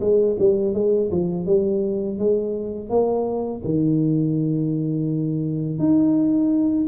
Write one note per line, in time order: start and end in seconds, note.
0.00 0.36 G#3
0.39 0.74 G3
0.74 1.10 G#3
1.11 1.46 F3
1.46 2.18 G3
2.19 2.89 G#3
2.89 3.62 A#3
3.64 5.79 D#3
5.79 6.87 D#4